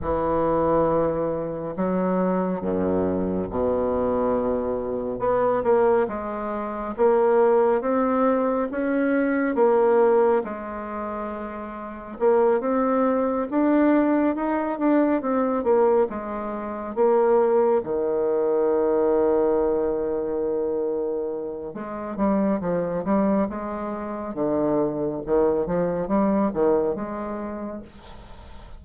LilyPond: \new Staff \with { instrumentName = "bassoon" } { \time 4/4 \tempo 4 = 69 e2 fis4 fis,4 | b,2 b8 ais8 gis4 | ais4 c'4 cis'4 ais4 | gis2 ais8 c'4 d'8~ |
d'8 dis'8 d'8 c'8 ais8 gis4 ais8~ | ais8 dis2.~ dis8~ | dis4 gis8 g8 f8 g8 gis4 | d4 dis8 f8 g8 dis8 gis4 | }